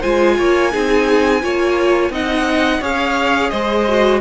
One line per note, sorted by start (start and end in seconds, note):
0.00 0.39 G#3
0.00 0.71 F4
0.00 0.35 C5
0.00 2.12 G#5
0.39 0.74 A#3
0.39 0.72 C#5
0.71 1.44 C4
0.71 1.41 D#4
0.71 1.42 G#4
1.42 2.10 A#3
1.42 2.12 F4
1.42 2.12 C#5
2.10 2.80 C4
2.10 2.81 D#4
2.10 2.81 D#5
2.10 2.84 F#5
2.81 3.52 C#4
2.81 3.86 G#4
2.81 3.51 C#5
2.81 3.50 F5
3.50 4.21 G#3
3.50 4.20 C5
3.50 4.20 D#5
3.89 4.21 F#4